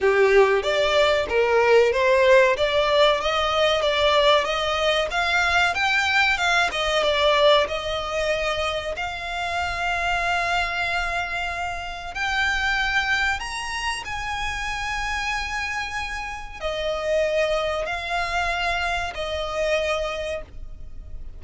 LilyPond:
\new Staff \with { instrumentName = "violin" } { \time 4/4 \tempo 4 = 94 g'4 d''4 ais'4 c''4 | d''4 dis''4 d''4 dis''4 | f''4 g''4 f''8 dis''8 d''4 | dis''2 f''2~ |
f''2. g''4~ | g''4 ais''4 gis''2~ | gis''2 dis''2 | f''2 dis''2 | }